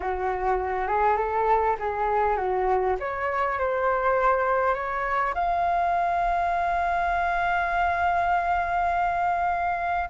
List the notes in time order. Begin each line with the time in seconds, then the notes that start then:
0.00 F#4
0.87 G#4
1.17 A4
1.79 G#4
2.36 F#4
2.99 C#5
3.58 C5
4.74 C#5
5.34 F5